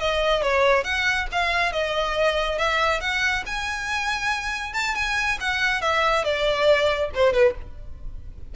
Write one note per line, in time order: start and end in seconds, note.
0.00 0.42 D#5
0.42 0.84 C#5
0.84 1.27 F#5
1.32 1.72 F5
1.72 2.58 D#5
2.58 3.00 E5
3.00 3.44 F#5
3.46 4.73 G#5
4.73 4.95 A5
4.95 5.38 G#5
5.40 5.81 F#5
5.81 6.24 E5
6.24 7.10 D5
7.15 7.33 C5
7.33 7.55 B4